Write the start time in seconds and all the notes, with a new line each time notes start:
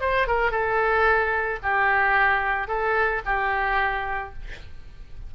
0.00 C5
0.27 A#4
0.51 A4
1.62 G4
2.67 A4
3.25 G4